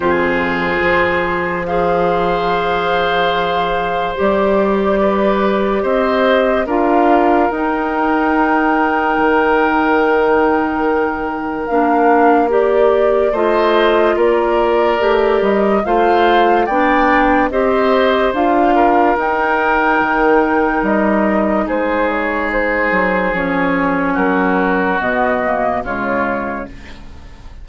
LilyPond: <<
  \new Staff \with { instrumentName = "flute" } { \time 4/4 \tempo 4 = 72 c''2 f''2~ | f''4 d''2 dis''4 | f''4 g''2.~ | g''2 f''4 d''4 |
dis''4 d''4. dis''8 f''4 | g''4 dis''4 f''4 g''4~ | g''4 dis''4 c''8 cis''8 c''4 | cis''4 ais'4 dis''4 cis''4 | }
  \new Staff \with { instrumentName = "oboe" } { \time 4/4 gis'2 c''2~ | c''2 b'4 c''4 | ais'1~ | ais'1 |
c''4 ais'2 c''4 | d''4 c''4. ais'4.~ | ais'2 gis'2~ | gis'4 fis'2 f'4 | }
  \new Staff \with { instrumentName = "clarinet" } { \time 4/4 f'2 gis'2~ | gis'4 g'2. | f'4 dis'2.~ | dis'2 d'4 g'4 |
f'2 g'4 f'4 | d'4 g'4 f'4 dis'4~ | dis'1 | cis'2 b8 ais8 gis4 | }
  \new Staff \with { instrumentName = "bassoon" } { \time 4/4 f,4 f2.~ | f4 g2 c'4 | d'4 dis'2 dis4~ | dis2 ais2 |
a4 ais4 a8 g8 a4 | b4 c'4 d'4 dis'4 | dis4 g4 gis4. fis8 | f4 fis4 b,4 cis4 | }
>>